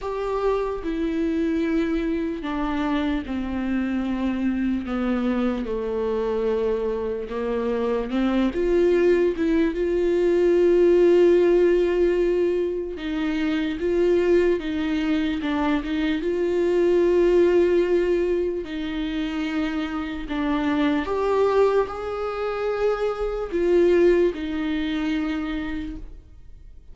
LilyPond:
\new Staff \with { instrumentName = "viola" } { \time 4/4 \tempo 4 = 74 g'4 e'2 d'4 | c'2 b4 a4~ | a4 ais4 c'8 f'4 e'8 | f'1 |
dis'4 f'4 dis'4 d'8 dis'8 | f'2. dis'4~ | dis'4 d'4 g'4 gis'4~ | gis'4 f'4 dis'2 | }